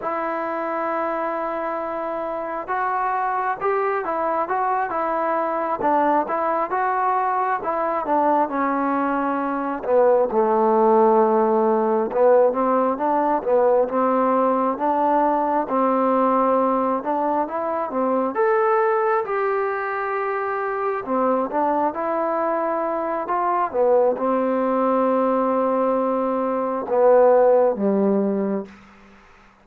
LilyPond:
\new Staff \with { instrumentName = "trombone" } { \time 4/4 \tempo 4 = 67 e'2. fis'4 | g'8 e'8 fis'8 e'4 d'8 e'8 fis'8~ | fis'8 e'8 d'8 cis'4. b8 a8~ | a4. b8 c'8 d'8 b8 c'8~ |
c'8 d'4 c'4. d'8 e'8 | c'8 a'4 g'2 c'8 | d'8 e'4. f'8 b8 c'4~ | c'2 b4 g4 | }